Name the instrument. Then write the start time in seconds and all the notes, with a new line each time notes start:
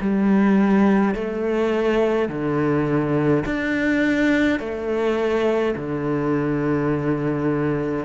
cello
0.00 G3
1.14 A3
2.28 D3
3.45 D4
4.59 A3
5.75 D3